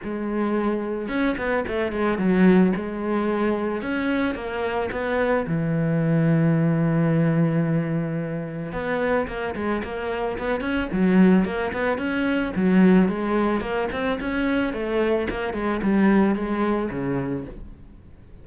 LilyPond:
\new Staff \with { instrumentName = "cello" } { \time 4/4 \tempo 4 = 110 gis2 cis'8 b8 a8 gis8 | fis4 gis2 cis'4 | ais4 b4 e2~ | e1 |
b4 ais8 gis8 ais4 b8 cis'8 | fis4 ais8 b8 cis'4 fis4 | gis4 ais8 c'8 cis'4 a4 | ais8 gis8 g4 gis4 cis4 | }